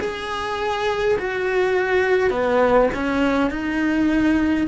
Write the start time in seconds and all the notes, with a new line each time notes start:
0.00 G#4
1.18 F#4
2.30 B3
2.94 C#4
3.50 D#4